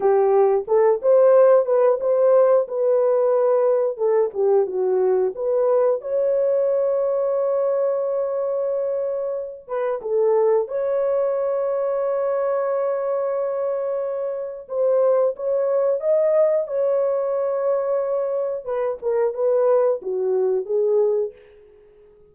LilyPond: \new Staff \with { instrumentName = "horn" } { \time 4/4 \tempo 4 = 90 g'4 a'8 c''4 b'8 c''4 | b'2 a'8 g'8 fis'4 | b'4 cis''2.~ | cis''2~ cis''8 b'8 a'4 |
cis''1~ | cis''2 c''4 cis''4 | dis''4 cis''2. | b'8 ais'8 b'4 fis'4 gis'4 | }